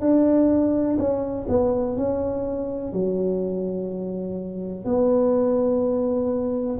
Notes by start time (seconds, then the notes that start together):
0.00 D4
0.98 C#4
1.48 B3
1.97 C#4
2.93 F#3
4.84 B3